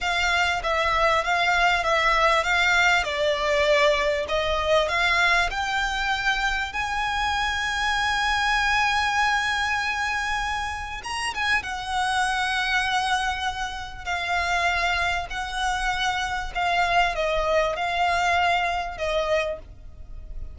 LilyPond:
\new Staff \with { instrumentName = "violin" } { \time 4/4 \tempo 4 = 98 f''4 e''4 f''4 e''4 | f''4 d''2 dis''4 | f''4 g''2 gis''4~ | gis''1~ |
gis''2 ais''8 gis''8 fis''4~ | fis''2. f''4~ | f''4 fis''2 f''4 | dis''4 f''2 dis''4 | }